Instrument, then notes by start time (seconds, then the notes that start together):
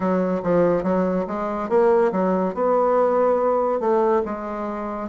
bassoon
0.00 F#3
0.42 F3
0.83 F#3
1.27 G#3
1.69 A#3
2.12 F#3
2.54 B3
3.80 A3
4.25 G#3